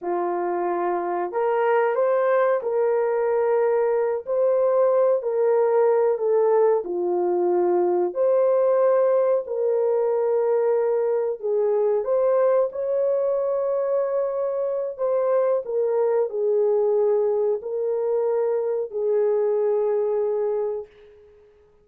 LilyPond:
\new Staff \with { instrumentName = "horn" } { \time 4/4 \tempo 4 = 92 f'2 ais'4 c''4 | ais'2~ ais'8 c''4. | ais'4. a'4 f'4.~ | f'8 c''2 ais'4.~ |
ais'4. gis'4 c''4 cis''8~ | cis''2. c''4 | ais'4 gis'2 ais'4~ | ais'4 gis'2. | }